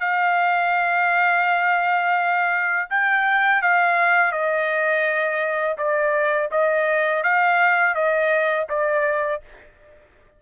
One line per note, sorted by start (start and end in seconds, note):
0.00 2.89 F5
2.90 3.62 G5
3.62 4.32 F5
4.32 5.77 D#5
5.78 6.50 D5
6.52 7.23 D#5
7.23 7.95 F5
7.95 8.67 D#5
8.69 9.42 D5